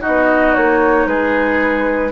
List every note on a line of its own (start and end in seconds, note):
0.00 2.11 D#4
0.00 1.06 F#4
0.00 0.54 D#5
0.06 0.56 B3
0.54 1.06 A#3
0.54 1.07 C#5
1.06 2.11 G#3
1.06 2.12 G#4
1.06 2.12 B4